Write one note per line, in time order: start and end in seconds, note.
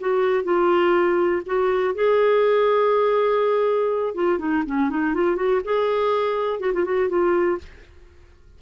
0.00 0.43 F#4
0.43 1.42 F4
1.46 1.94 F#4
1.94 4.14 G#4
4.14 4.39 F4
4.39 4.63 D#4
4.66 4.89 C#4
4.89 5.14 D#4
5.14 5.36 F4
5.36 5.60 F#4
5.64 6.60 G#4
6.60 6.72 F#4
6.73 6.85 F4
6.85 7.09 F#4
7.09 7.58 F4